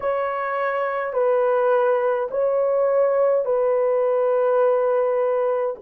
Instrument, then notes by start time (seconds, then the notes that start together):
horn
0.00 C#5
1.13 B4
2.30 C#5
3.45 B4